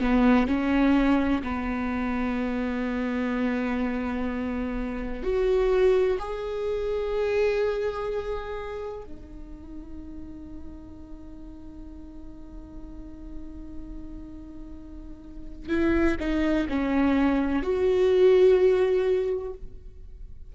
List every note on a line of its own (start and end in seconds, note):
0.00 0.47 B3
0.47 1.42 C#4
1.43 5.23 B3
5.23 6.18 F#4
6.19 9.04 G#4
9.04 15.69 D#4
15.69 16.16 E4
16.19 16.67 D#4
16.69 17.62 C#4
17.62 19.53 F#4